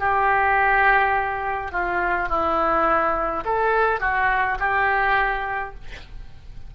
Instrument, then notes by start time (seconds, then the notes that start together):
oboe
0.00 G4
1.72 F4
2.29 E4
3.45 A4
4.00 F#4
4.59 G4